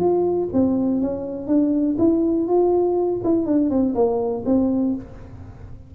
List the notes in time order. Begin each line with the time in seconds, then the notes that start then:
0.00 F4
0.53 C4
1.01 C#4
1.47 D4
1.99 E4
2.48 F4
3.24 E4
3.46 D4
3.70 C4
3.95 A#3
4.46 C4